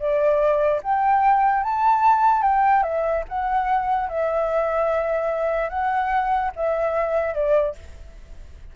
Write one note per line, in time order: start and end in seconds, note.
0.00 0.82 D5
0.83 1.64 G5
1.64 2.43 A5
2.43 2.84 G5
2.84 3.24 E5
3.29 4.10 F#5
4.10 5.70 E5
5.70 6.52 F#5
6.56 7.35 E5
7.35 7.76 D5